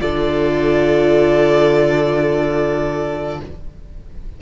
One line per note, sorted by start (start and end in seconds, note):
0.00 3.41 D3
0.00 3.40 F4
0.00 3.42 A4
0.00 3.40 D5